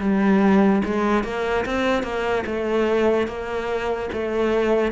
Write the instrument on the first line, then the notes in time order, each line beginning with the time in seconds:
cello
0.00 G3
0.85 G#3
1.24 A#3
1.66 C4
2.03 A#3
2.46 A3
3.27 A#3
4.12 A3